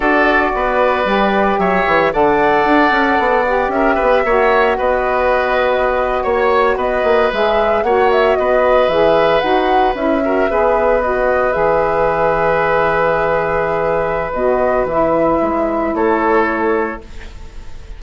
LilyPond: <<
  \new Staff \with { instrumentName = "flute" } { \time 4/4 \tempo 4 = 113 d''2. e''4 | fis''2. e''4~ | e''4 dis''2~ dis''8. cis''16~ | cis''8. dis''4 e''4 fis''8 e''8 dis''16~ |
dis''8. e''4 fis''4 e''4~ e''16~ | e''8. dis''4 e''2~ e''16~ | e''2. dis''4 | e''2 cis''2 | }
  \new Staff \with { instrumentName = "oboe" } { \time 4/4 a'4 b'2 cis''4 | d''2. ais'8 b'8 | cis''4 b'2~ b'8. cis''16~ | cis''8. b'2 cis''4 b'16~ |
b'2.~ b'16 ais'8 b'16~ | b'1~ | b'1~ | b'2 a'2 | }
  \new Staff \with { instrumentName = "saxophone" } { \time 4/4 fis'2 g'2 | a'2~ a'8 g'4. | fis'1~ | fis'4.~ fis'16 gis'4 fis'4~ fis'16~ |
fis'8. gis'4 fis'4 e'8 fis'8 gis'16~ | gis'8. fis'4 gis'2~ gis'16~ | gis'2. fis'4 | e'1 | }
  \new Staff \with { instrumentName = "bassoon" } { \time 4/4 d'4 b4 g4 fis8 e8 | d4 d'8 cis'8 b4 cis'8 b8 | ais4 b2~ b8. ais16~ | ais8. b8 ais8 gis4 ais4 b16~ |
b8. e4 dis'4 cis'4 b16~ | b4.~ b16 e2~ e16~ | e2. b,4 | e4 gis4 a2 | }
>>